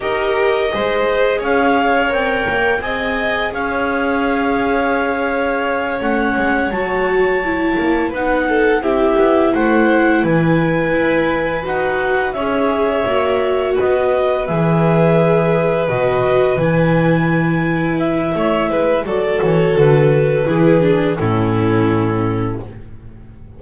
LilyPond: <<
  \new Staff \with { instrumentName = "clarinet" } { \time 4/4 \tempo 4 = 85 dis''2 f''4 g''4 | gis''4 f''2.~ | f''8 fis''4 a''2 fis''8~ | fis''8 e''4 fis''4 gis''4.~ |
gis''8 fis''4 e''2 dis''8~ | dis''8 e''2 dis''4 gis''8~ | gis''4. e''4. d''8 cis''8 | b'2 a'2 | }
  \new Staff \with { instrumentName = "violin" } { \time 4/4 ais'4 c''4 cis''2 | dis''4 cis''2.~ | cis''2.~ cis''8 b'8 | a'8 g'4 c''4 b'4.~ |
b'4. cis''2 b'8~ | b'1~ | b'2 cis''8 b'8 a'4~ | a'4 gis'4 e'2 | }
  \new Staff \with { instrumentName = "viola" } { \time 4/4 g'4 gis'2 ais'4 | gis'1~ | gis'8 cis'4 fis'4 e'4 dis'8~ | dis'8 e'2.~ e'8~ |
e'8 fis'4 gis'4 fis'4.~ | fis'8 gis'2 fis'4 e'8~ | e'2. fis'4~ | fis'4 e'8 d'8 cis'2 | }
  \new Staff \with { instrumentName = "double bass" } { \time 4/4 dis'4 gis4 cis'4 c'8 ais8 | c'4 cis'2.~ | cis'8 a8 gis8 fis4. ais8 b8~ | b8 c'8 b8 a4 e4 e'8~ |
e'8 dis'4 cis'4 ais4 b8~ | b8 e2 b,4 e8~ | e2 a8 gis8 fis8 e8 | d4 e4 a,2 | }
>>